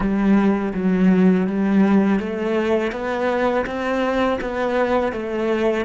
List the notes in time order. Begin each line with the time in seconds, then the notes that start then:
0.00 G3
0.74 F#3
1.46 G3
2.19 A3
2.92 B3
3.66 C4
4.41 B3
5.12 A3